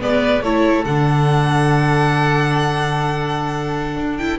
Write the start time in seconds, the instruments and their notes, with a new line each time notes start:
0.00 double bass G#3, viola B3, oboe B4, violin D5
0.42 double bass A3, viola E4, oboe A4, violin C#5
0.85 double bass D3, viola D4, violin F#5
3.96 double bass D4
4.17 viola E4, violin G5